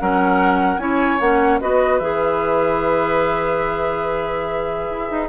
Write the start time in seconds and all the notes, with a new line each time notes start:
0.00 F#3 C#4 A#4 F#5
0.78 C#4 E4 C#5 G#5
1.20 A#3 C#4 F#5
1.61 B3 F#4 B4 D#5
1.99 E3 G#4 E5
4.90 E4
5.11 D#4